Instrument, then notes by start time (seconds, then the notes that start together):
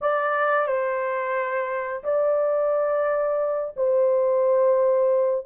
horn
0.01 D5
0.67 C5
2.03 D5
3.76 C5